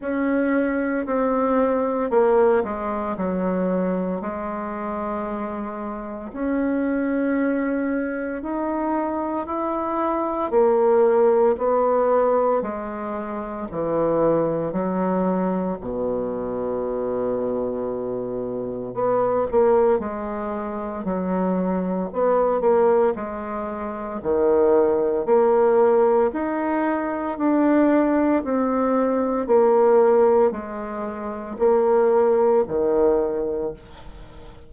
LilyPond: \new Staff \with { instrumentName = "bassoon" } { \time 4/4 \tempo 4 = 57 cis'4 c'4 ais8 gis8 fis4 | gis2 cis'2 | dis'4 e'4 ais4 b4 | gis4 e4 fis4 b,4~ |
b,2 b8 ais8 gis4 | fis4 b8 ais8 gis4 dis4 | ais4 dis'4 d'4 c'4 | ais4 gis4 ais4 dis4 | }